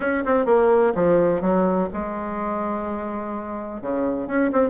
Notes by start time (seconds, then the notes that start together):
0.00 C#4
0.25 C4
0.45 A#3
0.94 F3
1.41 F#3
1.93 G#3
3.81 C#3
4.27 C#4
4.52 C4